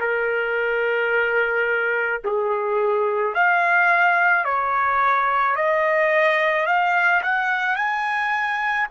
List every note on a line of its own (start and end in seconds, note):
0.00 2.22 A#4
2.25 3.35 G#4
3.35 4.45 F5
4.45 5.56 C#5
5.56 6.67 D#5
6.67 7.22 F5
7.23 7.76 F#5
7.76 8.87 G#5